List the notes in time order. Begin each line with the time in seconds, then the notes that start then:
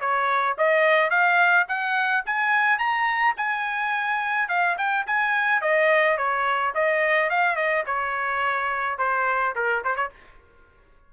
0.00 C#5
0.58 D#5
1.10 F5
1.68 F#5
2.25 G#5
2.78 A#5
3.37 G#5
4.48 F5
4.77 G5
5.06 G#5
5.61 D#5
6.17 C#5
6.74 D#5
7.29 F5
7.55 D#5
7.86 C#5
8.98 C5
9.55 A#4
9.84 C5
9.95 C#5